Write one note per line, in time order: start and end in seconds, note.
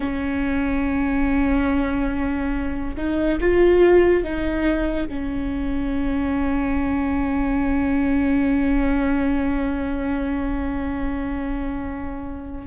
0.00 2.96 C#4
2.96 3.38 D#4
3.40 4.23 F4
4.23 5.07 D#4
5.08 12.66 C#4